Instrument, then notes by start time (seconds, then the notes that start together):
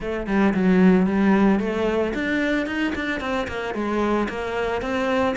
cello
0.00 A3
0.27 G3
0.54 F#3
1.06 G3
1.59 A3
2.14 D4
2.66 D#4
2.95 D4
3.20 C4
3.47 A#3
3.74 G#3
4.28 A#3
4.81 C4